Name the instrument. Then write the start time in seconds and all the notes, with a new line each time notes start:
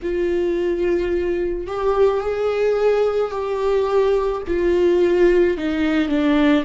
viola
0.02 F4
1.67 G4
2.20 G#4
3.31 G4
4.47 F4
5.57 D#4
6.08 D4